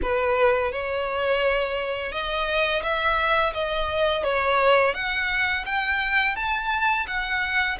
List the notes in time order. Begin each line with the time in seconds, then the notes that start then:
0.02 B4
0.72 C#5
2.11 D#5
2.82 E5
3.53 D#5
4.24 C#5
4.94 F#5
5.65 G5
6.36 A5
7.07 F#5